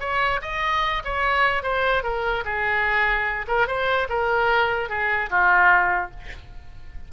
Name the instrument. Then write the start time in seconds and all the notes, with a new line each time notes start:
oboe
0.00 C#5
0.42 D#5
1.04 C#5
1.63 C5
2.03 A#4
2.45 G#4
3.48 A#4
3.67 C5
4.09 A#4
4.89 G#4
5.30 F4